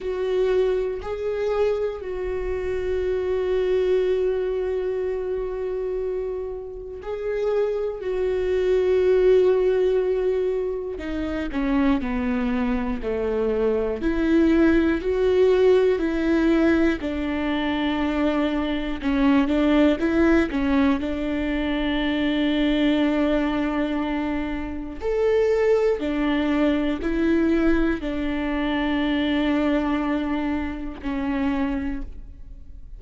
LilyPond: \new Staff \with { instrumentName = "viola" } { \time 4/4 \tempo 4 = 60 fis'4 gis'4 fis'2~ | fis'2. gis'4 | fis'2. dis'8 cis'8 | b4 a4 e'4 fis'4 |
e'4 d'2 cis'8 d'8 | e'8 cis'8 d'2.~ | d'4 a'4 d'4 e'4 | d'2. cis'4 | }